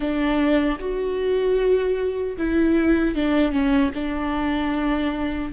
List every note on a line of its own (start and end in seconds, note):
0.00 0.78 D4
0.79 2.37 F#4
2.37 3.15 E4
3.15 3.51 D4
3.51 3.91 C#4
3.94 5.52 D4